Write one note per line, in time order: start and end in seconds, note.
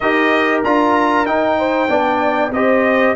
0.00 0.64 D#4
0.00 0.64 G4
0.00 1.58 A#4
0.00 0.60 D#5
0.63 1.25 D4
0.63 1.26 F4
0.63 1.26 A#5
1.25 1.88 D#4
1.25 2.52 G5
1.58 1.89 C5
1.88 2.51 B3
1.88 2.51 D4
1.88 2.52 D5
2.51 3.14 C4
2.51 3.16 G4
2.51 3.16 C5
2.51 3.15 D#5